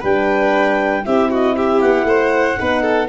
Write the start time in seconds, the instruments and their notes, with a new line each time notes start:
0.00 tuba G3, horn D4, violin B4, clarinet G5
1.04 tuba C4, horn E4, violin G4, clarinet E5
1.30 violin F#4, clarinet D#5
1.56 violin G4, clarinet E5
1.81 tuba B3, clarinet F#5
2.04 tuba A3, violin C5
2.56 tuba B3, horn D#4, violin B4
2.83 violin A4